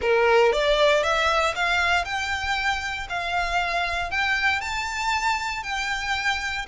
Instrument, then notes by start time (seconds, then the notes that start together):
violin
0.01 A#4
0.52 D5
1.03 E5
1.55 F5
2.04 G5
3.09 F5
4.10 G5
4.60 A5
5.63 G5